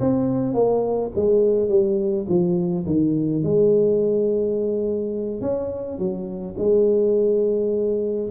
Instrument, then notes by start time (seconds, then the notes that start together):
tuba
0.00 C4
0.54 A#3
1.16 G#3
1.69 G3
2.28 F3
2.86 D#3
3.43 G#3
5.41 C#4
5.98 F#3
6.58 G#3